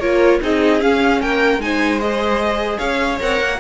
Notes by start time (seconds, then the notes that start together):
0.00 A#3 F4 A#4 C#5
0.42 C4 D#4 G#4 D#5
0.80 C#4 F5
1.22 A#3 A#4 G5
1.58 G#3 D#4 G#5
1.65 C5
2.00 G#4 D#5
2.79 C#4 C#5 F5
3.21 C4 A#4 F#5
3.41 A#3